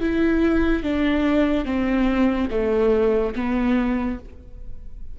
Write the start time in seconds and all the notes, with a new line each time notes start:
0.00 E4
0.83 D4
1.65 C4
2.51 A3
3.35 B3